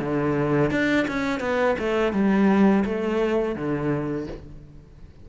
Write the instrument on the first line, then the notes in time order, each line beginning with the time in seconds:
cello
0.00 D3
0.71 D4
1.08 C#4
1.40 B3
1.79 A3
2.13 G3
2.85 A3
3.56 D3